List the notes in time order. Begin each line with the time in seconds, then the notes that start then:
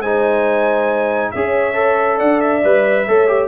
0.00 G#3 D#4 C5 G#5
1.31 C#4 G#4 C#5 E5
1.74 A4
2.17 D4 D5 F#5
2.40 E5
2.64 G3 B4
3.08 A3 A4 C#5
3.28 G4